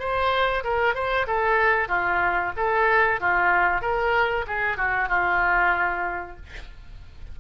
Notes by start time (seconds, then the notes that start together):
0.00 C5
0.64 A#4
0.95 C5
1.27 A4
1.89 F4
2.57 A4
3.21 F4
3.82 A#4
4.47 G#4
4.78 F#4
5.09 F4